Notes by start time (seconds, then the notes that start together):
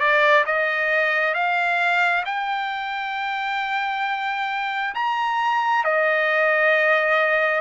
0.00 D5
0.46 D#5
1.35 F5
2.26 G5
4.95 A#5
5.85 D#5